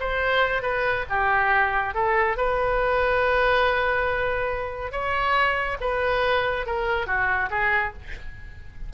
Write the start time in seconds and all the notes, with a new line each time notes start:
0.00 C5
0.62 B4
1.09 G4
1.94 A4
2.37 B4
4.92 C#5
5.81 B4
6.66 A#4
7.07 F#4
7.50 G#4